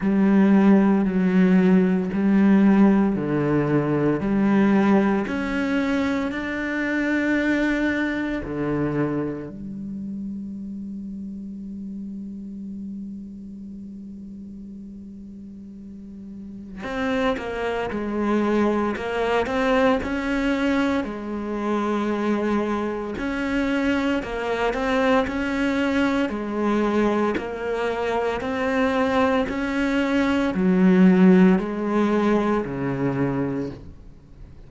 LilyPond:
\new Staff \with { instrumentName = "cello" } { \time 4/4 \tempo 4 = 57 g4 fis4 g4 d4 | g4 cis'4 d'2 | d4 g2.~ | g1 |
c'8 ais8 gis4 ais8 c'8 cis'4 | gis2 cis'4 ais8 c'8 | cis'4 gis4 ais4 c'4 | cis'4 fis4 gis4 cis4 | }